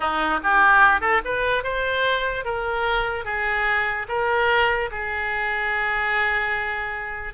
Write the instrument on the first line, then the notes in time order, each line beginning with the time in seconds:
oboe
0.00 D#4
0.43 G4
1.00 A4
1.24 B4
1.63 C5
2.45 A#4
3.24 G#4
4.08 A#4
4.91 G#4